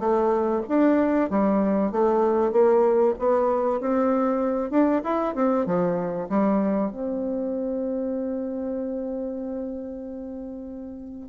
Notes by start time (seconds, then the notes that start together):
0.00 A3
0.69 D4
1.30 G3
1.92 A3
2.52 A#3
3.19 B3
3.81 C4
4.71 D4
5.05 E4
5.35 C4
5.66 F3
6.30 G3
6.92 C4